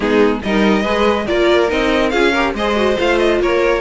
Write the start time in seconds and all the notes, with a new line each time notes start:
0.00 G#3 B3 D#4 G#4
0.42 G3 D#4 A#4 D#5
0.82 G#3 G#4 B4
1.27 A#3 F4 A#4 D5
1.68 C4 D#4 D#5
2.09 C#4 F4 G#4 F5
2.32 G4 A#4
2.54 G#3 G#4 C5 D#5
2.75 F#4
2.97 A3 F4 F5
3.18 D#5
3.39 A#3 A#4 C#5